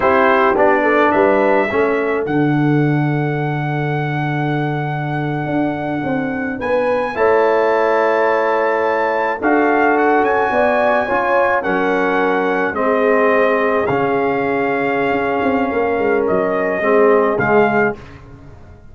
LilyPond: <<
  \new Staff \with { instrumentName = "trumpet" } { \time 4/4 \tempo 4 = 107 c''4 d''4 e''2 | fis''1~ | fis''2.~ fis''8. gis''16~ | gis''8. a''2.~ a''16~ |
a''8. f''4 fis''8 gis''4.~ gis''16~ | gis''8. fis''2 dis''4~ dis''16~ | dis''8. f''2.~ f''16~ | f''4 dis''2 f''4 | }
  \new Staff \with { instrumentName = "horn" } { \time 4/4 g'4. a'8 b'4 a'4~ | a'1~ | a'2.~ a'8. b'16~ | b'8. cis''2.~ cis''16~ |
cis''8. a'2 d''4 cis''16~ | cis''8. ais'2 gis'4~ gis'16~ | gis'1 | ais'2 gis'2 | }
  \new Staff \with { instrumentName = "trombone" } { \time 4/4 e'4 d'2 cis'4 | d'1~ | d'1~ | d'8. e'2.~ e'16~ |
e'8. fis'2. f'16~ | f'8. cis'2 c'4~ c'16~ | c'8. cis'2.~ cis'16~ | cis'2 c'4 gis4 | }
  \new Staff \with { instrumentName = "tuba" } { \time 4/4 c'4 b4 g4 a4 | d1~ | d4.~ d16 d'4 c'4 b16~ | b8. a2.~ a16~ |
a8. d'4. cis'8 b4 cis'16~ | cis'8. fis2 gis4~ gis16~ | gis8. cis2~ cis16 cis'8 c'8 | ais8 gis8 fis4 gis4 cis4 | }
>>